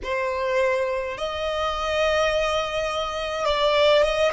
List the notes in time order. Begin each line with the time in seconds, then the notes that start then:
0.03 C5
1.17 D#5
3.45 D5
4.02 D#5